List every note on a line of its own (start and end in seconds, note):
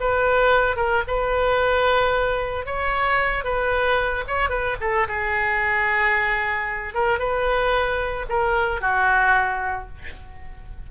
0.00 0.76 B4
0.76 1.03 A#4
1.07 2.66 B4
2.66 3.44 C#5
3.44 4.24 B4
4.27 4.49 C#5
4.49 4.76 B4
4.80 5.07 A4
5.08 6.94 G#4
6.94 7.19 A#4
7.19 8.26 B4
8.29 8.81 A#4
8.81 9.88 F#4